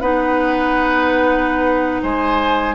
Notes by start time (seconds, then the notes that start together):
0.00 B3 D#4 B4 F#5
2.02 G#3 C5 G#5